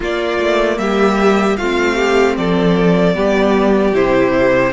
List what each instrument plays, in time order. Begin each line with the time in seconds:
0.00 cello A#3, viola A#3, violin F4 D5
0.39 cello A3
0.77 cello G3, violin G4 E5
1.57 cello A3, viola C4, violin F4 F5
1.95 violin G4
2.37 cello F3, violin A4 D5
3.14 cello G3, viola B3, violin G4
3.93 cello C3, viola E4, violin C5